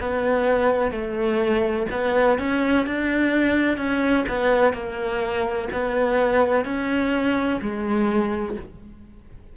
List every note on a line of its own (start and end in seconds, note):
0.00 0.91 B3
0.91 1.87 A3
1.91 2.39 B3
2.39 2.87 C#4
2.87 3.77 D4
3.77 4.25 C#4
4.29 4.73 B3
4.73 5.68 A#3
5.73 6.65 B3
6.65 7.60 C#4
7.61 8.57 G#3